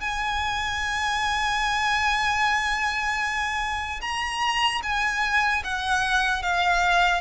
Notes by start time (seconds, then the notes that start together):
0.00 G#5
4.01 A#5
4.83 G#5
5.64 F#5
6.42 F5